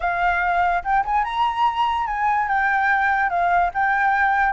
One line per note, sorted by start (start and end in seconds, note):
0.00 0.83 F5
0.84 1.04 G5
1.05 1.24 G#5
1.24 2.07 A#5
2.07 2.48 G#5
2.48 3.29 G5
3.29 3.70 F5
3.74 4.53 G5